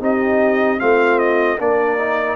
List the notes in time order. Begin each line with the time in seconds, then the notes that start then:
0.00 C4 D#4 G4 D#5
0.78 A3 C4 F4 F5
1.19 D#5
1.58 A#3 D4 A#4 D5
1.98 D#4